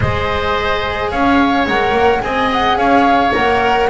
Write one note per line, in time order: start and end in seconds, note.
0.00 1.12 G#3
0.00 1.66 G#4
0.00 1.11 C5
0.00 1.10 D#5
1.10 1.67 C#4
1.10 2.22 C#5
1.10 1.66 F5
1.67 1.91 G#3
1.67 2.22 A#4
1.67 2.21 F#5
1.91 2.19 A#3
2.21 2.77 C4
2.21 3.32 G#4
2.21 2.77 D#5
2.21 2.49 G#5
2.52 2.77 F#5
2.77 3.32 C#4
2.77 3.88 C#5
2.77 3.33 F5
3.32 3.89 A#3
3.32 3.88 A#4
3.32 3.89 F#5